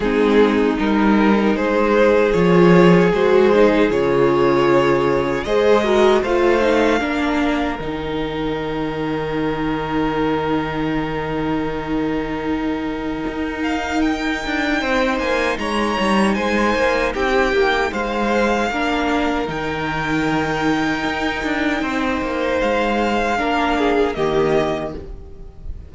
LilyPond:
<<
  \new Staff \with { instrumentName = "violin" } { \time 4/4 \tempo 4 = 77 gis'4 ais'4 c''4 cis''4 | c''4 cis''2 dis''4 | f''2 g''2~ | g''1~ |
g''4. f''8 g''4. gis''8 | ais''4 gis''4 g''4 f''4~ | f''4 g''2.~ | g''4 f''2 dis''4 | }
  \new Staff \with { instrumentName = "violin" } { \time 4/4 dis'2 gis'2~ | gis'2. c''8 ais'8 | c''4 ais'2.~ | ais'1~ |
ais'2. c''4 | cis''4 c''4 g'4 c''4 | ais'1 | c''2 ais'8 gis'8 g'4 | }
  \new Staff \with { instrumentName = "viola" } { \time 4/4 c'4 dis'2 f'4 | fis'8 dis'8 f'2 gis'8 fis'8 | f'8 dis'8 d'4 dis'2~ | dis'1~ |
dis'1~ | dis'1 | d'4 dis'2.~ | dis'2 d'4 ais4 | }
  \new Staff \with { instrumentName = "cello" } { \time 4/4 gis4 g4 gis4 f4 | gis4 cis2 gis4 | a4 ais4 dis2~ | dis1~ |
dis4 dis'4. d'8 c'8 ais8 | gis8 g8 gis8 ais8 c'8 ais8 gis4 | ais4 dis2 dis'8 d'8 | c'8 ais8 gis4 ais4 dis4 | }
>>